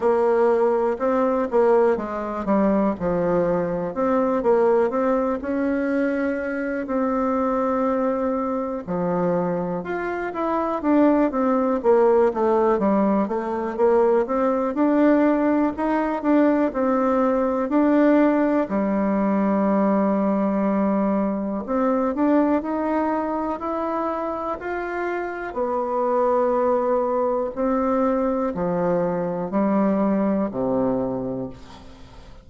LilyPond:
\new Staff \with { instrumentName = "bassoon" } { \time 4/4 \tempo 4 = 61 ais4 c'8 ais8 gis8 g8 f4 | c'8 ais8 c'8 cis'4. c'4~ | c'4 f4 f'8 e'8 d'8 c'8 | ais8 a8 g8 a8 ais8 c'8 d'4 |
dis'8 d'8 c'4 d'4 g4~ | g2 c'8 d'8 dis'4 | e'4 f'4 b2 | c'4 f4 g4 c4 | }